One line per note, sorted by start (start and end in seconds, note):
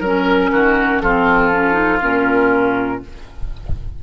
0.00 0.50 F#3
0.00 1.05 C#4
0.00 0.50 A#4
0.00 1.01 A#4
0.52 1.02 D#3
0.52 1.02 F#4
1.01 2.02 F3
1.01 1.52 C4
1.01 3.03 F4
1.01 2.01 A4
1.52 1.73 C#4
1.73 1.98 D#4
2.01 3.02 A#2
2.01 3.01 C#4
2.01 3.03 A#4